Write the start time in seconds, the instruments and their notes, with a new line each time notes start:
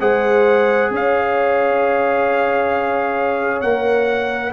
0.00 tuba G#3, trombone G#4, horn C5, trumpet F#5
0.90 tuba C#4, horn C#5, trumpet F5
3.61 tuba A#3, trombone A#4, trumpet F#5